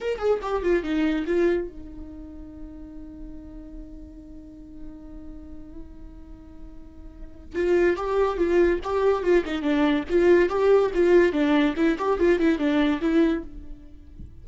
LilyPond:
\new Staff \with { instrumentName = "viola" } { \time 4/4 \tempo 4 = 143 ais'8 gis'8 g'8 f'8 dis'4 f'4 | dis'1~ | dis'1~ | dis'1~ |
dis'2 f'4 g'4 | f'4 g'4 f'8 dis'8 d'4 | f'4 g'4 f'4 d'4 | e'8 g'8 f'8 e'8 d'4 e'4 | }